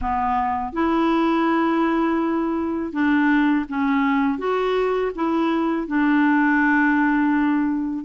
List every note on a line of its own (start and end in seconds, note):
0.01 0.73 B3
0.73 2.92 E4
2.92 3.65 D4
3.69 4.38 C#4
4.38 5.11 F#4
5.15 5.87 E4
5.87 8.05 D4